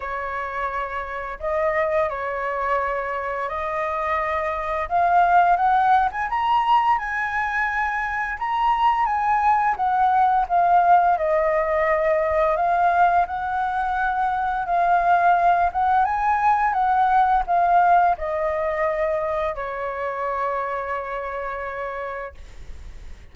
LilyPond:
\new Staff \with { instrumentName = "flute" } { \time 4/4 \tempo 4 = 86 cis''2 dis''4 cis''4~ | cis''4 dis''2 f''4 | fis''8. gis''16 ais''4 gis''2 | ais''4 gis''4 fis''4 f''4 |
dis''2 f''4 fis''4~ | fis''4 f''4. fis''8 gis''4 | fis''4 f''4 dis''2 | cis''1 | }